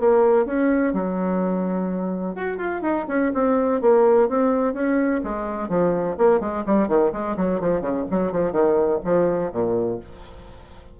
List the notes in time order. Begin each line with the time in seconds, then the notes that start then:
0.00 A#3
0.46 C#4
0.93 F#3
2.35 F#4
2.58 F4
2.82 D#4
3.08 C#4
3.34 C4
3.82 A#3
4.29 C4
4.74 C#4
5.24 G#3
5.69 F3
6.18 A#3
6.40 G#3
6.66 G3
6.89 D#3
7.13 G#3
7.37 F#3
7.60 F3
7.81 C#3
8.10 F#3
8.32 F3
8.52 D#3
9.05 F3
9.52 A#2